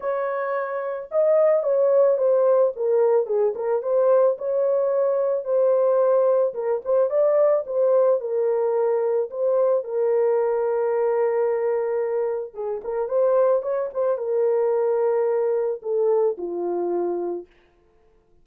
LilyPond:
\new Staff \with { instrumentName = "horn" } { \time 4/4 \tempo 4 = 110 cis''2 dis''4 cis''4 | c''4 ais'4 gis'8 ais'8 c''4 | cis''2 c''2 | ais'8 c''8 d''4 c''4 ais'4~ |
ais'4 c''4 ais'2~ | ais'2. gis'8 ais'8 | c''4 cis''8 c''8 ais'2~ | ais'4 a'4 f'2 | }